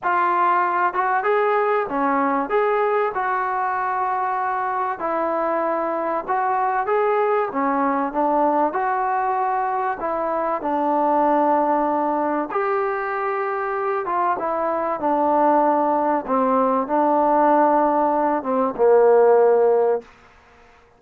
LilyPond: \new Staff \with { instrumentName = "trombone" } { \time 4/4 \tempo 4 = 96 f'4. fis'8 gis'4 cis'4 | gis'4 fis'2. | e'2 fis'4 gis'4 | cis'4 d'4 fis'2 |
e'4 d'2. | g'2~ g'8 f'8 e'4 | d'2 c'4 d'4~ | d'4. c'8 ais2 | }